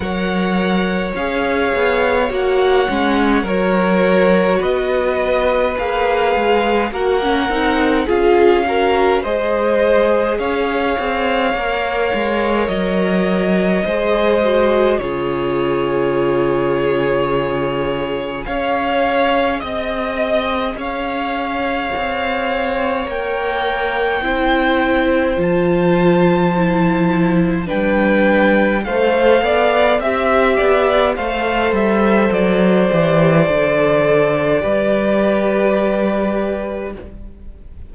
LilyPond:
<<
  \new Staff \with { instrumentName = "violin" } { \time 4/4 \tempo 4 = 52 fis''4 f''4 fis''4 cis''4 | dis''4 f''4 fis''4 f''4 | dis''4 f''2 dis''4~ | dis''4 cis''2. |
f''4 dis''4 f''2 | g''2 a''2 | g''4 f''4 e''4 f''8 e''8 | d''1 | }
  \new Staff \with { instrumentName = "violin" } { \time 4/4 cis''2. ais'4 | b'2 ais'4 gis'8 ais'8 | c''4 cis''2. | c''4 gis'2. |
cis''4 dis''4 cis''2~ | cis''4 c''2. | b'4 c''8 d''8 e''8 d''8 c''4~ | c''2 b'2 | }
  \new Staff \with { instrumentName = "viola" } { \time 4/4 ais'4 gis'4 fis'8 cis'8 fis'4~ | fis'4 gis'4 fis'16 cis'16 dis'8 f'8 fis'8 | gis'2 ais'2 | gis'8 fis'8 f'2. |
gis'1 | ais'4 e'4 f'4 e'4 | d'4 a'4 g'4 a'4~ | a'8 g'8 a'4 g'2 | }
  \new Staff \with { instrumentName = "cello" } { \time 4/4 fis4 cis'8 b8 ais8 gis8 fis4 | b4 ais8 gis8 ais8 c'8 cis'4 | gis4 cis'8 c'8 ais8 gis8 fis4 | gis4 cis2. |
cis'4 c'4 cis'4 c'4 | ais4 c'4 f2 | g4 a8 b8 c'8 b8 a8 g8 | fis8 e8 d4 g2 | }
>>